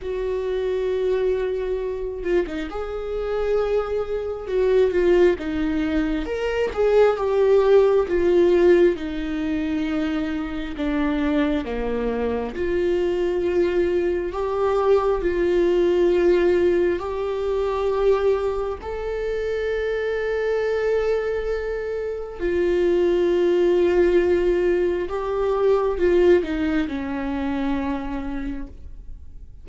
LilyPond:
\new Staff \with { instrumentName = "viola" } { \time 4/4 \tempo 4 = 67 fis'2~ fis'8 f'16 dis'16 gis'4~ | gis'4 fis'8 f'8 dis'4 ais'8 gis'8 | g'4 f'4 dis'2 | d'4 ais4 f'2 |
g'4 f'2 g'4~ | g'4 a'2.~ | a'4 f'2. | g'4 f'8 dis'8 cis'2 | }